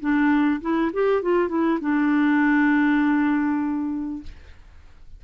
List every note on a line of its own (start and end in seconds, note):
0.00 0.61 D4
0.61 0.91 E4
0.93 1.22 G4
1.22 1.48 F4
1.48 1.79 E4
1.81 4.23 D4